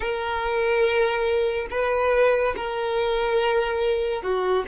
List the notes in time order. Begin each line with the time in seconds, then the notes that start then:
0.00 A#4
1.70 B4
2.56 A#4
4.22 F#4